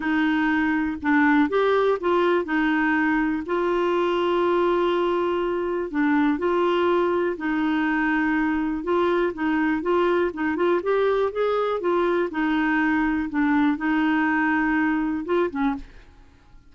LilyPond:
\new Staff \with { instrumentName = "clarinet" } { \time 4/4 \tempo 4 = 122 dis'2 d'4 g'4 | f'4 dis'2 f'4~ | f'1 | d'4 f'2 dis'4~ |
dis'2 f'4 dis'4 | f'4 dis'8 f'8 g'4 gis'4 | f'4 dis'2 d'4 | dis'2. f'8 cis'8 | }